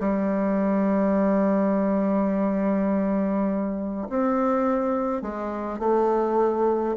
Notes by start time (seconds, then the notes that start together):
0.00 G3
4.09 C4
5.22 G#3
5.79 A3